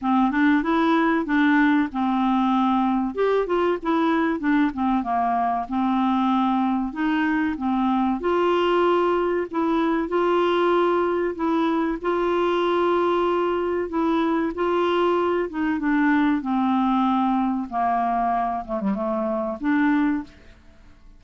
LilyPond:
\new Staff \with { instrumentName = "clarinet" } { \time 4/4 \tempo 4 = 95 c'8 d'8 e'4 d'4 c'4~ | c'4 g'8 f'8 e'4 d'8 c'8 | ais4 c'2 dis'4 | c'4 f'2 e'4 |
f'2 e'4 f'4~ | f'2 e'4 f'4~ | f'8 dis'8 d'4 c'2 | ais4. a16 g16 a4 d'4 | }